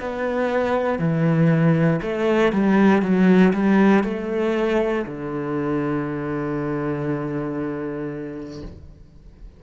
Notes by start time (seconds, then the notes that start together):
0.00 B3
0.98 E3
2.02 A3
2.52 G3
3.02 F#3
3.53 G3
4.04 A3
5.06 D3